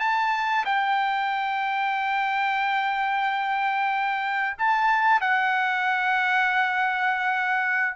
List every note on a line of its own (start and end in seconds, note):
0.00 0.65 A5
0.66 4.57 G5
4.58 5.21 A5
5.21 7.96 F#5